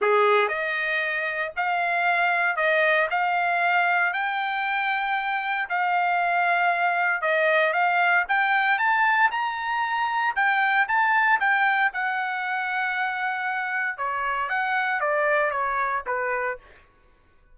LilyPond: \new Staff \with { instrumentName = "trumpet" } { \time 4/4 \tempo 4 = 116 gis'4 dis''2 f''4~ | f''4 dis''4 f''2 | g''2. f''4~ | f''2 dis''4 f''4 |
g''4 a''4 ais''2 | g''4 a''4 g''4 fis''4~ | fis''2. cis''4 | fis''4 d''4 cis''4 b'4 | }